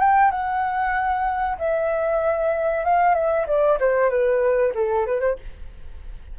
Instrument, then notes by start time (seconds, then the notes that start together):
flute
0.00 G5
0.31 F#5
1.58 E5
2.85 F5
3.15 E5
3.47 D5
3.80 C5
4.10 B4
4.75 A4
5.06 B4
5.20 C5